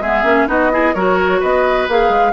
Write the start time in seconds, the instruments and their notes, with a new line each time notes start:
0.00 bassoon G#3, clarinet B3, oboe G#4, flute E5
0.23 bassoon A#3, clarinet C#4
0.47 bassoon B3, clarinet D#4, oboe F#4, flute D#5
0.71 clarinet E4, oboe G#4
0.94 bassoon F#3, clarinet F#4, oboe A#4, flute C#5
1.40 bassoon B3, oboe B4, flute D#5
1.87 bassoon A#3, clarinet G#4, flute F5
2.09 bassoon G#3